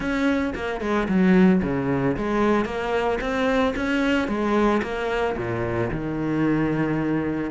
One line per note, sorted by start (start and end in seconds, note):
0.00 0.53 C#4
0.54 0.81 A#3
0.81 1.07 G#3
1.08 1.61 F#3
1.62 2.16 C#3
2.16 2.65 G#3
2.65 3.19 A#3
3.20 3.74 C4
3.76 4.28 C#4
4.28 4.81 G#3
4.82 5.36 A#3
5.36 5.90 A#2
5.90 7.50 D#3